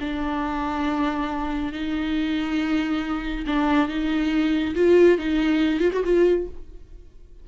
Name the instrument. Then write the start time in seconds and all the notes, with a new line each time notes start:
viola
0.00 D4
1.72 D#4
3.47 D4
3.88 D#4
4.75 F4
5.18 D#4
5.80 F4
5.93 F#4
6.04 F4